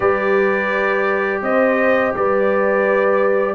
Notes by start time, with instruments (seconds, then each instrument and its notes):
0.00 tuba G3, trombone G4, horn B4, trumpet D5
1.41 tuba C4, horn C5, trumpet D#5
2.14 tuba G3, horn B4, trumpet D5